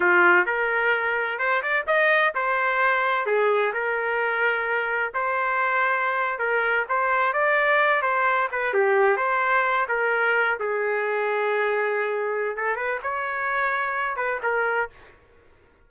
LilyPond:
\new Staff \with { instrumentName = "trumpet" } { \time 4/4 \tempo 4 = 129 f'4 ais'2 c''8 d''8 | dis''4 c''2 gis'4 | ais'2. c''4~ | c''4.~ c''16 ais'4 c''4 d''16~ |
d''4~ d''16 c''4 b'8 g'4 c''16~ | c''4~ c''16 ais'4. gis'4~ gis'16~ | gis'2. a'8 b'8 | cis''2~ cis''8 b'8 ais'4 | }